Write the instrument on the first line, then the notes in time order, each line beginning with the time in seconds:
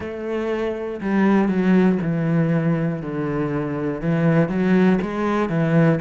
cello
0.00 A3
1.00 G3
1.48 F#3
2.01 E3
3.01 D3
4.00 E3
4.49 F#3
5.01 G#3
5.49 E3